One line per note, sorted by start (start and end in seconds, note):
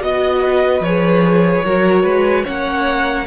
0.00 0.80 B3
0.00 0.81 F#4
0.00 0.42 D#5
0.00 0.83 D#5
0.42 1.64 B4
0.80 1.61 F3
0.80 1.65 G#4
0.80 2.45 C#5
1.64 2.03 F#3
1.64 2.45 F#4
1.64 2.03 A#4
2.03 2.44 G#3
2.03 2.43 B4
2.44 3.26 A#3
2.44 3.26 C#4
2.44 3.25 C#5
2.44 3.26 F#5